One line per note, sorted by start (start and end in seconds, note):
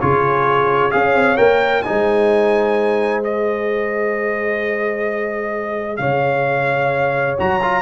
0.00 0.94 C#3
0.00 0.91 F4
0.00 0.94 G#4
0.00 0.91 C#5
0.91 1.15 C#4
0.91 1.37 G#4
0.91 1.85 C#5
0.91 1.37 F5
1.15 1.38 C4
1.37 1.86 A#3
1.37 1.84 A#4
1.37 1.83 G5
1.83 3.23 D#4
1.83 5.99 C5
1.83 3.21 G#5
1.89 5.99 G#3
3.23 7.38 G#4
3.23 5.97 D#5
5.97 7.38 C#3
5.97 7.83 C#5
5.97 7.35 F5
7.38 7.83 F#3
7.38 7.61 F#4
7.38 7.83 A#5
7.62 7.83 F4